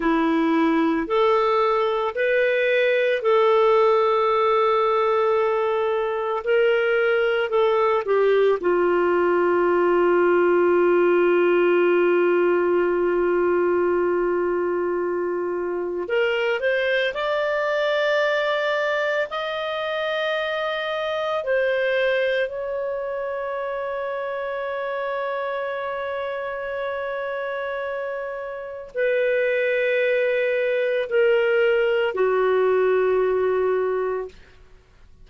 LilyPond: \new Staff \with { instrumentName = "clarinet" } { \time 4/4 \tempo 4 = 56 e'4 a'4 b'4 a'4~ | a'2 ais'4 a'8 g'8 | f'1~ | f'2. ais'8 c''8 |
d''2 dis''2 | c''4 cis''2.~ | cis''2. b'4~ | b'4 ais'4 fis'2 | }